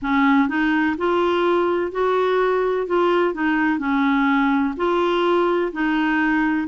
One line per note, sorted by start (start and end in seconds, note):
0.02 0.48 C#4
0.48 0.95 D#4
0.97 1.91 F4
1.91 2.86 F#4
2.87 3.33 F4
3.33 3.78 D#4
3.78 4.74 C#4
4.76 5.71 F4
5.72 6.67 D#4